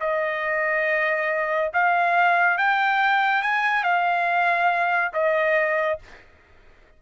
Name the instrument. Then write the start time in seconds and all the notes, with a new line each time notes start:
trumpet
0.00 D#5
1.73 F5
2.58 G5
3.42 G#5
3.83 F5
5.13 D#5